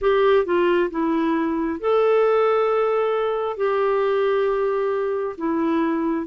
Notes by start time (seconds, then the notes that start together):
0.01 G4
0.45 F4
0.90 E4
1.80 A4
3.57 G4
5.37 E4